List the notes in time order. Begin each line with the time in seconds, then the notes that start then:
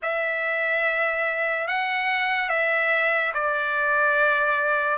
0.02 E5
1.67 F#5
2.49 E5
3.33 D5